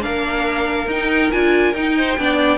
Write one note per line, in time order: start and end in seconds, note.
0.00 0.87 A#3
0.00 0.86 D4
0.00 1.96 A#4
0.00 0.88 F5
0.87 1.29 D#4
0.87 1.31 D#4
0.87 1.31 G5
1.31 1.73 D4
1.31 1.74 F4
1.31 1.74 G#5
1.73 2.16 D#4
1.73 2.18 D#4
1.73 2.58 G5
1.97 2.18 C5
2.18 2.58 B3
2.18 2.58 D4
2.18 2.58 D5